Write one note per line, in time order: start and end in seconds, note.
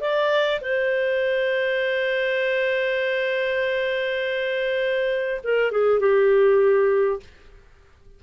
0.00 0.60 D5
0.61 5.41 C5
5.44 5.71 A#4
5.71 6.00 G#4
6.00 7.20 G4